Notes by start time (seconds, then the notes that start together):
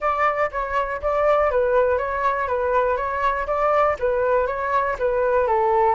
0.00 D5
0.51 C#5
1.02 D5
1.51 B4
1.98 C#5
2.47 B4
2.96 C#5
3.46 D5
3.99 B4
4.47 C#5
4.99 B4
5.47 A4